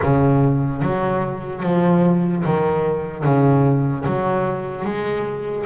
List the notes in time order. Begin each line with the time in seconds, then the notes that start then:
0.02 C#3
0.82 F#3
1.63 F3
2.44 D#3
3.24 C#3
4.05 F#3
4.84 G#3